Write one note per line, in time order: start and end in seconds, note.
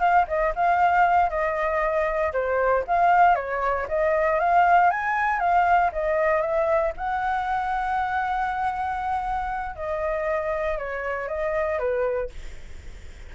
0.00 0.26 F5
0.28 0.53 D#5
0.55 1.30 F5
1.30 2.32 D#5
2.33 2.84 C5
2.87 3.35 F5
3.35 3.87 C#5
3.88 4.40 D#5
4.40 4.90 F5
4.90 5.40 G#5
5.40 5.91 F5
5.93 6.41 D#5
6.41 6.93 E5
6.97 9.76 F#5
9.76 10.78 D#5
10.78 11.28 C#5
11.28 11.79 D#5
11.79 12.30 B4